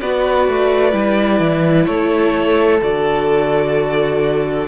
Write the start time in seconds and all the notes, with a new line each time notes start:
0.00 B3 F#4 B4 D5
0.48 A3
0.92 G3 E4
1.40 E3
1.86 A3 A4 C#5
2.81 D3 F#4 D5